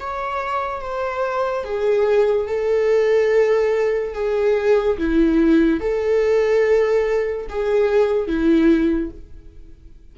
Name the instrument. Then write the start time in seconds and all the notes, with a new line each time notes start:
viola
0.00 C#5
0.81 C5
1.64 G#4
2.47 A4
4.14 G#4
4.98 E4
5.81 A4
7.50 G#4
8.28 E4